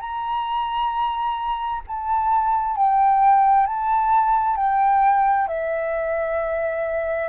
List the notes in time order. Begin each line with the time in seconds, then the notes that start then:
0.00 A#5
1.87 A5
2.76 G5
3.67 A5
4.57 G5
5.48 E5